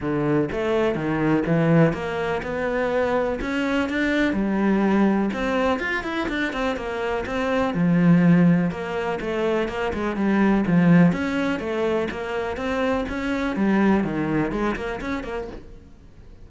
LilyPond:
\new Staff \with { instrumentName = "cello" } { \time 4/4 \tempo 4 = 124 d4 a4 dis4 e4 | ais4 b2 cis'4 | d'4 g2 c'4 | f'8 e'8 d'8 c'8 ais4 c'4 |
f2 ais4 a4 | ais8 gis8 g4 f4 cis'4 | a4 ais4 c'4 cis'4 | g4 dis4 gis8 ais8 cis'8 ais8 | }